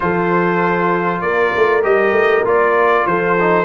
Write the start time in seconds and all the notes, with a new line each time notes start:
0.00 F3 F4 A4 C5
1.21 A#3 A#4 D5
1.56 A3
1.82 G3 G4 D#5
2.11 A3
2.44 A#3 F4 D5
3.06 F3 A4 C5
3.39 D#4